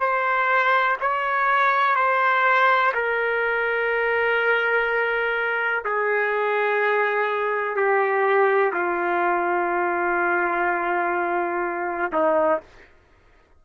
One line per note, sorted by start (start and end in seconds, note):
0.00 0.97 C5
1.01 1.95 C#5
1.95 2.92 C5
2.94 5.84 A#4
5.85 7.76 G#4
7.76 8.73 G4
8.73 12.12 F4
12.13 12.61 D#4